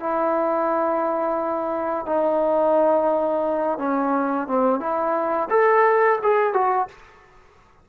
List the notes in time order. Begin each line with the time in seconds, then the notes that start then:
0.00 E4
2.06 D#4
3.78 C#4
4.47 C4
4.80 E4
5.50 A4
6.23 G#4
6.53 F#4